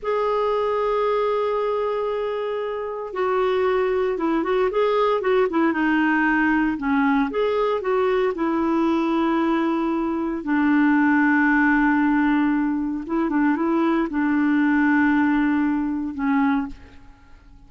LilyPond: \new Staff \with { instrumentName = "clarinet" } { \time 4/4 \tempo 4 = 115 gis'1~ | gis'2 fis'2 | e'8 fis'8 gis'4 fis'8 e'8 dis'4~ | dis'4 cis'4 gis'4 fis'4 |
e'1 | d'1~ | d'4 e'8 d'8 e'4 d'4~ | d'2. cis'4 | }